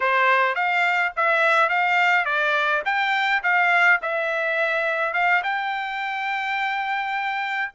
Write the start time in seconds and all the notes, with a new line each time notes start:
0.00 C5
0.55 F5
1.16 E5
1.69 F5
2.25 D5
2.85 G5
3.43 F5
4.02 E5
5.13 F5
5.43 G5